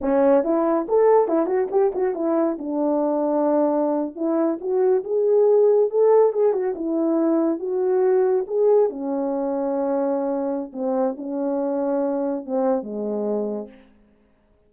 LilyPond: \new Staff \with { instrumentName = "horn" } { \time 4/4 \tempo 4 = 140 cis'4 e'4 a'4 e'8 fis'8 | g'8 fis'8 e'4 d'2~ | d'4.~ d'16 e'4 fis'4 gis'16~ | gis'4.~ gis'16 a'4 gis'8 fis'8 e'16~ |
e'4.~ e'16 fis'2 gis'16~ | gis'8. cis'2.~ cis'16~ | cis'4 c'4 cis'2~ | cis'4 c'4 gis2 | }